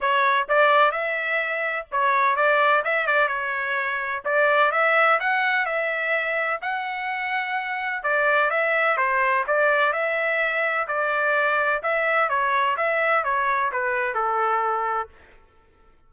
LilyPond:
\new Staff \with { instrumentName = "trumpet" } { \time 4/4 \tempo 4 = 127 cis''4 d''4 e''2 | cis''4 d''4 e''8 d''8 cis''4~ | cis''4 d''4 e''4 fis''4 | e''2 fis''2~ |
fis''4 d''4 e''4 c''4 | d''4 e''2 d''4~ | d''4 e''4 cis''4 e''4 | cis''4 b'4 a'2 | }